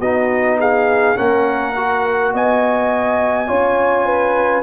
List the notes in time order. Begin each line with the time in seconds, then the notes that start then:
0.00 B3 D#4 F#4 D#5
0.60 G#4 F5
1.16 A#3 C#4 A#4 F#5
1.76 F#4
2.34 B3 D#5 G#5
3.48 C#4 F4 C#5
4.06 B4